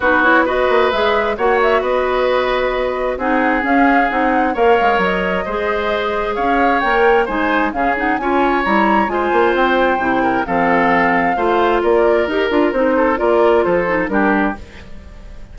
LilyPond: <<
  \new Staff \with { instrumentName = "flute" } { \time 4/4 \tempo 4 = 132 b'8 cis''8 dis''4 e''4 fis''8 e''8 | dis''2. fis''4 | f''4 fis''4 f''4 dis''4~ | dis''2 f''4 g''4 |
gis''4 f''8 fis''8 gis''4 ais''4 | gis''4 g''2 f''4~ | f''2 d''4 ais'4 | c''4 d''4 c''4 ais'4 | }
  \new Staff \with { instrumentName = "oboe" } { \time 4/4 fis'4 b'2 cis''4 | b'2. gis'4~ | gis'2 cis''2 | c''2 cis''2 |
c''4 gis'4 cis''2 | c''2~ c''8 ais'8 a'4~ | a'4 c''4 ais'2~ | ais'8 a'8 ais'4 a'4 g'4 | }
  \new Staff \with { instrumentName = "clarinet" } { \time 4/4 dis'8 e'8 fis'4 gis'4 fis'4~ | fis'2. dis'4 | cis'4 dis'4 ais'2 | gis'2. ais'4 |
dis'4 cis'8 dis'8 f'4 e'4 | f'2 e'4 c'4~ | c'4 f'2 g'8 f'8 | dis'4 f'4. dis'8 d'4 | }
  \new Staff \with { instrumentName = "bassoon" } { \time 4/4 b4. ais8 gis4 ais4 | b2. c'4 | cis'4 c'4 ais8 gis8 fis4 | gis2 cis'4 ais4 |
gis4 cis4 cis'4 g4 | gis8 ais8 c'4 c4 f4~ | f4 a4 ais4 dis'8 d'8 | c'4 ais4 f4 g4 | }
>>